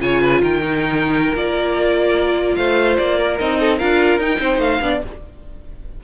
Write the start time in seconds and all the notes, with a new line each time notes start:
0.00 C#3 F4 C#5 G#5
0.21 B4
0.42 D#3 A#4 G5
0.62 D#4
1.34 A#3 F4 D5
2.56 A3 C5 F5
2.97 A#3 D5
3.18 A#4
3.39 C4 D#4 D#5
3.60 A4
3.77 D4 F4 A#4 F5
4.18 D#4 G5
4.40 C4 C5
4.58 A3 F5
4.81 B3 D4 D5